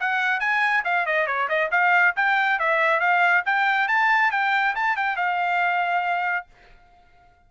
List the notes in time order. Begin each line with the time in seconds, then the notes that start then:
0.00 F#5
0.40 G#5
0.84 F5
1.06 D#5
1.27 C#5
1.49 D#5
1.71 F5
2.16 G5
2.59 E5
3.00 F5
3.46 G5
3.88 A5
4.31 G5
4.75 A5
4.97 G5
5.16 F5